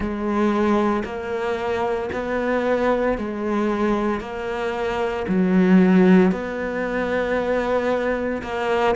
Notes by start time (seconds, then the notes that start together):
0.00 G#3
1.04 A#3
2.12 B3
3.18 G#3
4.20 A#3
5.28 F#3
6.31 B3
8.42 A#3